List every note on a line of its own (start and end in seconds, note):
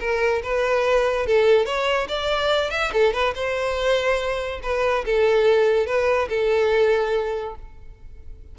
0.00 0.42 A#4
0.43 1.27 B4
1.27 1.66 A4
1.66 2.08 C#5
2.09 2.71 D5
2.71 2.92 E5
2.93 3.13 A4
3.13 3.34 B4
3.35 4.61 C5
4.63 5.05 B4
5.05 5.86 A4
5.86 6.28 B4
6.29 7.55 A4